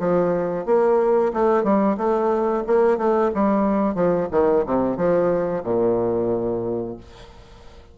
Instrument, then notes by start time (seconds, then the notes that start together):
bassoon
0.00 F3
0.66 A#3
1.34 A3
1.64 G3
1.98 A3
2.67 A#3
2.98 A3
3.35 G3
3.95 F3
4.32 D#3
4.66 C3
4.97 F3
5.64 A#2